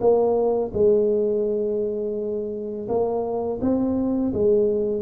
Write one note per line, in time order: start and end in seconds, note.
0.00 0.71 A#3
0.73 2.87 G#3
2.88 3.59 A#3
3.61 4.32 C4
4.33 5.02 G#3